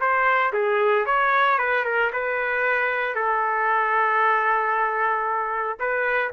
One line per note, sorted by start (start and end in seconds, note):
0.00 0.53 C5
0.53 1.06 G#4
1.06 1.58 C#5
1.59 1.84 B4
1.84 2.11 A#4
2.12 3.15 B4
3.15 5.78 A4
5.79 6.32 B4